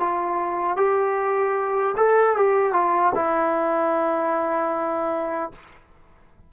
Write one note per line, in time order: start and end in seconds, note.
0.00 0.77 F4
0.77 1.95 G4
1.97 2.36 A4
2.36 2.73 G4
2.73 3.12 F4
3.15 5.52 E4